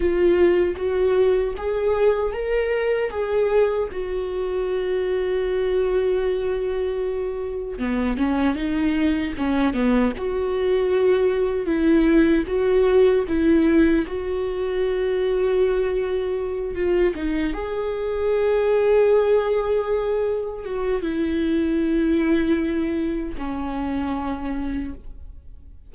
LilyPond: \new Staff \with { instrumentName = "viola" } { \time 4/4 \tempo 4 = 77 f'4 fis'4 gis'4 ais'4 | gis'4 fis'2.~ | fis'2 b8 cis'8 dis'4 | cis'8 b8 fis'2 e'4 |
fis'4 e'4 fis'2~ | fis'4. f'8 dis'8 gis'4.~ | gis'2~ gis'8 fis'8 e'4~ | e'2 cis'2 | }